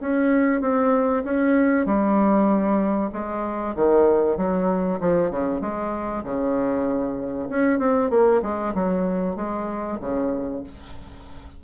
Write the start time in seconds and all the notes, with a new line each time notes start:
0.00 C#4
0.61 C4
1.24 C#4
1.86 G3
3.12 G#3
3.75 D#3
4.37 F#3
5.00 F3
5.31 C#3
5.61 G#3
6.24 C#3
7.49 C#4
7.79 C4
8.10 A#3
8.42 G#3
8.74 F#3
9.36 G#3
10.01 C#3